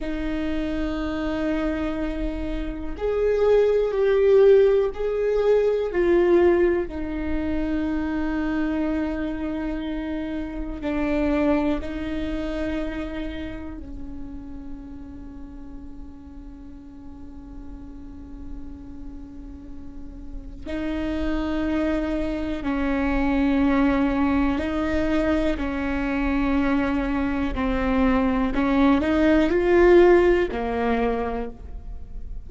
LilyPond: \new Staff \with { instrumentName = "viola" } { \time 4/4 \tempo 4 = 61 dis'2. gis'4 | g'4 gis'4 f'4 dis'4~ | dis'2. d'4 | dis'2 cis'2~ |
cis'1~ | cis'4 dis'2 cis'4~ | cis'4 dis'4 cis'2 | c'4 cis'8 dis'8 f'4 ais4 | }